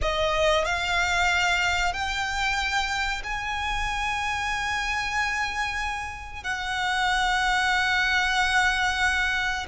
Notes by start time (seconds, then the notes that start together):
0.01 D#5
0.65 F5
1.93 G5
3.23 G#5
6.43 F#5